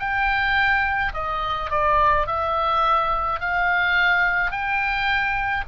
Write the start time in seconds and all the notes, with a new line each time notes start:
0.00 G5
1.14 D#5
1.70 D5
2.27 E5
3.40 F5
4.51 G5